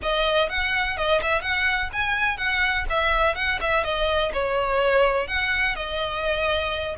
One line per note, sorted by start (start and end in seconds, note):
0.02 0.49 D#5
0.49 0.97 F#5
0.97 1.21 D#5
1.21 1.41 E5
1.41 1.89 F#5
1.92 2.37 G#5
2.37 2.85 F#5
2.89 3.35 E5
3.35 3.59 F#5
3.60 3.84 E5
3.84 4.32 D#5
4.33 5.27 C#5
5.27 5.75 F#5
5.75 6.95 D#5